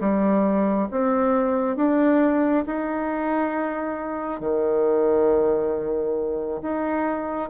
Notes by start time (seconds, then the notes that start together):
0.00 G3
0.91 C4
1.76 D4
2.66 D#4
4.40 D#3
6.62 D#4